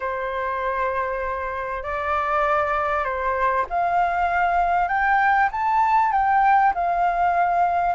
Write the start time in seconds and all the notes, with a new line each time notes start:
0.00 C5
1.83 D5
3.04 C5
3.69 F5
4.88 G5
5.51 A5
6.11 G5
6.74 F5